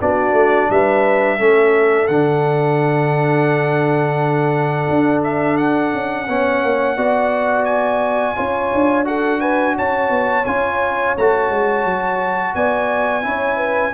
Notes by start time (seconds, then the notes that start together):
0.00 B3 D4 F#4 D5
0.32 A3
0.70 G3 B4 E5
1.38 A3 C#4 A4
2.07 D3 D4 F#5
4.89 D4
5.23 E5
5.57 F#5
5.93 C#4
6.28 B3 C#4 C#5
6.62 A#3
6.97 B3 F#4 D5
7.65 G#5
8.35 C#4 F4 C#5
8.74 D4
9.04 F#4 A4 F#5
9.40 B4 G#5
9.76 C#4 C#5 A5
10.10 B3
10.45 C#4 F4 G#5
11.17 A3 F#4 A5
11.50 G#3
11.85 F#3
12.55 B3 D5 G#5
13.22 C#4 E4 C#5
13.57 B4